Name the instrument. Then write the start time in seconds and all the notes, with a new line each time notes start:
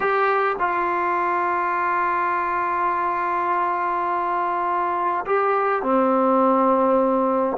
trombone
0.00 G4
0.59 F4
5.25 G4
5.82 C4